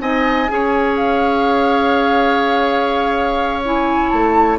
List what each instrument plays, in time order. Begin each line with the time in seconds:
0.00 bassoon C4, clarinet D#4, oboe D#5, flute G#5
0.48 bassoon C#4, clarinet G#4, oboe C#5
0.96 flute F5
3.65 clarinet E4, flute G#5
4.09 bassoon A3, flute A5